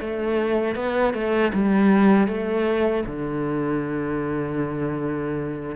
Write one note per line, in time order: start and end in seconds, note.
0.00 0.75 A3
0.75 1.13 B3
1.13 1.52 A3
1.53 2.27 G3
2.27 3.04 A3
3.06 5.75 D3